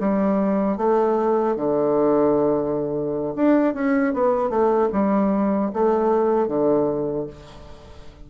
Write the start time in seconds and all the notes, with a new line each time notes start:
0.00 G3
0.78 A3
1.57 D3
3.36 D4
3.74 C#4
4.14 B3
4.50 A3
4.93 G3
5.73 A3
6.48 D3